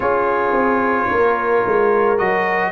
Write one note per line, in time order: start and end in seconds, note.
0.00 0.52 C#4
0.00 2.17 F4
0.00 1.07 G#4
0.00 2.17 C#5
0.52 1.07 C4
1.08 1.64 A#3
1.08 2.71 A#4
1.66 2.20 G#3
2.17 2.71 F#3
2.17 2.71 F#4
2.17 2.71 D#5